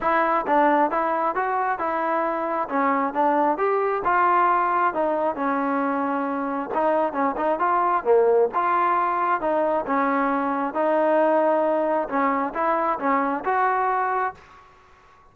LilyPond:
\new Staff \with { instrumentName = "trombone" } { \time 4/4 \tempo 4 = 134 e'4 d'4 e'4 fis'4 | e'2 cis'4 d'4 | g'4 f'2 dis'4 | cis'2. dis'4 |
cis'8 dis'8 f'4 ais4 f'4~ | f'4 dis'4 cis'2 | dis'2. cis'4 | e'4 cis'4 fis'2 | }